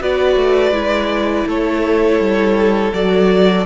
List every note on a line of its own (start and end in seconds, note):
0.00 0.36 B3
0.00 0.73 F#4
0.00 1.47 B4
0.00 1.48 D5
0.36 0.71 A3
0.71 1.45 G#3
0.71 2.93 E4
1.46 2.20 A3
1.46 3.66 A4
1.46 2.94 C#5
2.20 2.93 G3
2.94 3.66 F#3
2.94 3.66 F#4
2.94 3.66 D5